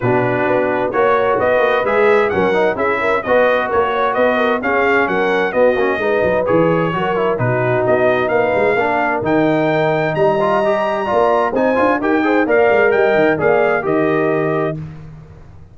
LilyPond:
<<
  \new Staff \with { instrumentName = "trumpet" } { \time 4/4 \tempo 4 = 130 b'2 cis''4 dis''4 | e''4 fis''4 e''4 dis''4 | cis''4 dis''4 f''4 fis''4 | dis''2 cis''2 |
b'4 dis''4 f''2 | g''2 ais''2~ | ais''4 gis''4 g''4 f''4 | g''4 f''4 dis''2 | }
  \new Staff \with { instrumentName = "horn" } { \time 4/4 fis'2 cis''4 b'4~ | b'4 ais'4 gis'8 ais'8 b'4 | ais'8 cis''8 b'8 ais'8 gis'4 ais'4 | fis'4 b'2 ais'4 |
fis'2 b'4 ais'4~ | ais'2 dis''2 | d''4 c''4 ais'8 c''8 d''4 | dis''4 d''4 ais'2 | }
  \new Staff \with { instrumentName = "trombone" } { \time 4/4 d'2 fis'2 | gis'4 cis'8 dis'8 e'4 fis'4~ | fis'2 cis'2 | b8 cis'8 dis'4 gis'4 fis'8 e'8 |
dis'2. d'4 | dis'2~ dis'8 f'8 g'4 | f'4 dis'8 f'8 g'8 gis'8 ais'4~ | ais'4 gis'4 g'2 | }
  \new Staff \with { instrumentName = "tuba" } { \time 4/4 b,4 b4 ais4 b8 ais8 | gis4 fis4 cis'4 b4 | ais4 b4 cis'4 fis4 | b8 ais8 gis8 fis8 e4 fis4 |
b,4 b4 ais8 gis8 ais4 | dis2 g2 | ais4 c'8 d'8 dis'4 ais8 gis8 | g8 dis8 ais4 dis2 | }
>>